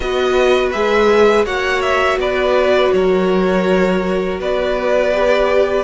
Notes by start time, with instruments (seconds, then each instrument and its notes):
0.00 cello B3, viola F#4, violin B4 D#5
0.71 cello G#3, viola G#4, violin E5
1.45 cello A#3, viola F#4, violin C#5 F#5
1.81 violin E5
2.17 cello B3, violin B4 D5
2.92 cello F#3, violin A#4 C#5
4.39 cello B3, violin B4 D5
5.12 viola G4